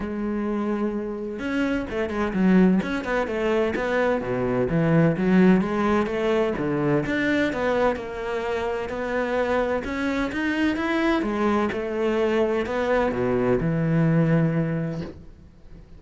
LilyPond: \new Staff \with { instrumentName = "cello" } { \time 4/4 \tempo 4 = 128 gis2. cis'4 | a8 gis8 fis4 cis'8 b8 a4 | b4 b,4 e4 fis4 | gis4 a4 d4 d'4 |
b4 ais2 b4~ | b4 cis'4 dis'4 e'4 | gis4 a2 b4 | b,4 e2. | }